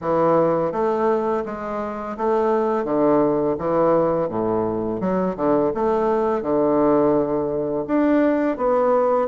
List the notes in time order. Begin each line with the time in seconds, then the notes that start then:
0.01 E3
0.72 A3
1.45 G#3
2.17 A3
2.84 D3
3.58 E3
4.29 A2
5.00 F#3
5.36 D3
5.74 A3
6.42 D3
7.87 D4
8.57 B3